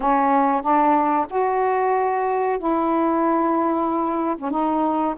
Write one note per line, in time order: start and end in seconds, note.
0.00 0.61 C#4
0.61 1.26 D4
1.30 2.58 F#4
2.58 4.36 E4
4.37 4.50 C#4
4.50 5.14 D#4